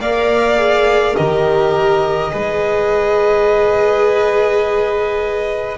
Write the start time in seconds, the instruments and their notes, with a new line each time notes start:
0.00 double bass A#3, viola A#4, violin D5 F5
0.56 viola G#4
1.16 double bass D#3, viola G4, violin A#4 D#5
2.31 double bass G#3, viola G#4, violin B4